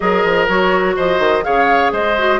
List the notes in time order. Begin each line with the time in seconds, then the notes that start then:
0.00 F#3 G#4 A#4 D#5
0.24 F3
0.48 F#3 F#4 C#5
0.96 F3 C5 D#5
1.19 D#3
1.42 C#3 G#4 C#5 F5
1.91 G#3 C5 D#5
2.17 F#4